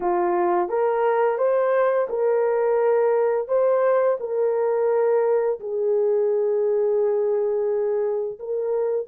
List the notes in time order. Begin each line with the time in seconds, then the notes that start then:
0.00 F4
0.68 A#4
1.38 C5
2.09 A#4
3.48 C5
4.20 A#4
5.59 G#4
8.39 A#4